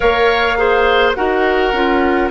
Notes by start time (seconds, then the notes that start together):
0.00 A#3 A#4 C#5 F5
0.57 G#4 C5
1.14 D#4 F#4 A#4 F#5
1.72 C#4 F4